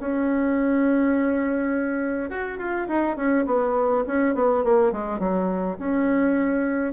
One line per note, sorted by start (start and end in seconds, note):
0.00 2.30 C#4
2.30 2.58 F#4
2.58 2.88 F4
2.88 3.16 D#4
3.16 3.45 C#4
3.46 4.04 B3
4.06 4.35 C#4
4.35 4.64 B3
4.64 4.92 A#3
4.92 5.19 G#3
5.19 5.77 F#3
5.78 6.93 C#4